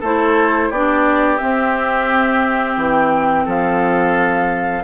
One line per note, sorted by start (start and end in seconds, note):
0.00 0.70 A3
0.00 0.73 E4
0.00 0.69 A4
0.00 0.71 C5
0.70 1.39 B3
0.70 1.38 D4
0.70 3.45 G4
0.70 1.37 D5
1.37 4.83 C4
1.37 2.76 C4
1.37 2.75 E5
2.76 3.45 E3
2.76 3.46 G5
3.45 4.83 F3
3.45 4.83 A4
3.45 4.83 F5